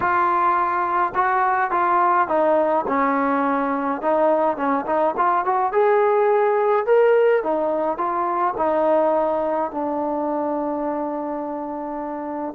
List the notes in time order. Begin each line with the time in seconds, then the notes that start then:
0.00 F4
1.15 F#4
1.71 F4
2.28 D#4
2.87 C#4
4.01 D#4
4.56 C#4
4.86 D#4
5.17 F4
5.45 F#4
5.72 G#4
6.86 A#4
7.43 D#4
7.97 F4
8.57 D#4
9.71 D4